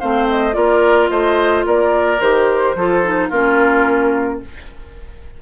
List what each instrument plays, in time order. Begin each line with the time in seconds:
0.00 bassoon A3, clarinet C4, oboe C5, flute F5
0.29 flute D#5
0.53 bassoon A#3, clarinet F4, oboe A#4, flute D5
1.10 bassoon A3, oboe C5, flute D#5
1.66 bassoon A#3, oboe A#4, flute D5
2.20 bassoon D#3, clarinet G4, flute C5
2.75 bassoon F3, clarinet F4, oboe A4
3.04 clarinet D#4
3.29 bassoon A#3, clarinet C#4, oboe F4, flute A#4